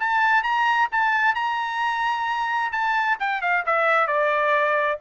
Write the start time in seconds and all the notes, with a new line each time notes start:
0.00 A5
0.44 A#5
0.92 A5
1.36 A#5
2.72 A5
3.20 G5
3.42 F5
3.66 E5
4.08 D5